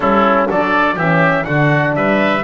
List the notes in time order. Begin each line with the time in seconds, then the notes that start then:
0.00 G3 C#4 E4 A4
0.48 F#3 D4 A4 D5
0.95 E3 C#4 G4 E5
1.44 D3 D4 F#4 F#5
1.95 G3 B4 E5